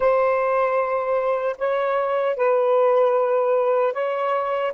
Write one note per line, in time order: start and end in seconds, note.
0.00 1.56 C5
1.58 2.36 C#5
2.36 3.93 B4
3.93 4.72 C#5